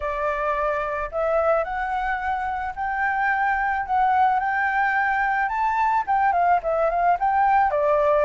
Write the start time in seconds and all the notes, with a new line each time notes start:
0.00 D5
1.11 E5
1.64 F#5
2.75 G5
3.86 F#5
4.39 G5
5.48 A5
6.07 G5
6.32 F5
6.62 E5
6.89 F5
7.19 G5
7.70 D5